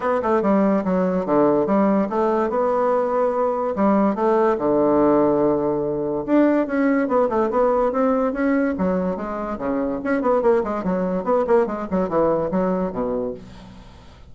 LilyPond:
\new Staff \with { instrumentName = "bassoon" } { \time 4/4 \tempo 4 = 144 b8 a8 g4 fis4 d4 | g4 a4 b2~ | b4 g4 a4 d4~ | d2. d'4 |
cis'4 b8 a8 b4 c'4 | cis'4 fis4 gis4 cis4 | cis'8 b8 ais8 gis8 fis4 b8 ais8 | gis8 fis8 e4 fis4 b,4 | }